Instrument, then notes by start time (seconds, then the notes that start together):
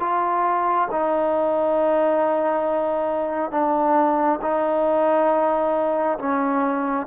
trombone
0.00 F4
0.91 D#4
3.51 D4
4.42 D#4
6.18 C#4